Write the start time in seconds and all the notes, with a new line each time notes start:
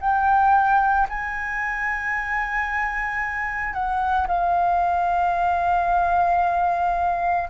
0.00 G5
1.09 G#5
3.74 F#5
4.28 F5